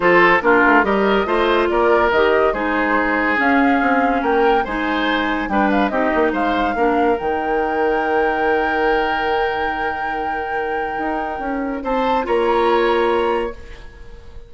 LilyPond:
<<
  \new Staff \with { instrumentName = "flute" } { \time 4/4 \tempo 4 = 142 c''4 ais'4 dis''2 | d''4 dis''4 c''2 | f''2 g''4 gis''4~ | gis''4 g''8 f''8 dis''4 f''4~ |
f''4 g''2.~ | g''1~ | g''1 | a''4 ais''2. | }
  \new Staff \with { instrumentName = "oboe" } { \time 4/4 a'4 f'4 ais'4 c''4 | ais'2 gis'2~ | gis'2 ais'4 c''4~ | c''4 b'4 g'4 c''4 |
ais'1~ | ais'1~ | ais'1 | c''4 cis''2. | }
  \new Staff \with { instrumentName = "clarinet" } { \time 4/4 f'4 d'4 g'4 f'4~ | f'4 g'4 dis'2 | cis'2. dis'4~ | dis'4 d'4 dis'2 |
d'4 dis'2.~ | dis'1~ | dis'1~ | dis'4 f'2. | }
  \new Staff \with { instrumentName = "bassoon" } { \time 4/4 f4 ais8 a8 g4 a4 | ais4 dis4 gis2 | cis'4 c'4 ais4 gis4~ | gis4 g4 c'8 ais8 gis4 |
ais4 dis2.~ | dis1~ | dis2 dis'4 cis'4 | c'4 ais2. | }
>>